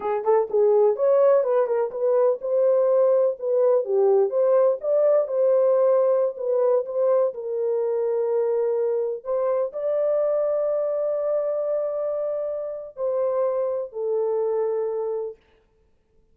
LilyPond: \new Staff \with { instrumentName = "horn" } { \time 4/4 \tempo 4 = 125 gis'8 a'8 gis'4 cis''4 b'8 ais'8 | b'4 c''2 b'4 | g'4 c''4 d''4 c''4~ | c''4~ c''16 b'4 c''4 ais'8.~ |
ais'2.~ ais'16 c''8.~ | c''16 d''2.~ d''8.~ | d''2. c''4~ | c''4 a'2. | }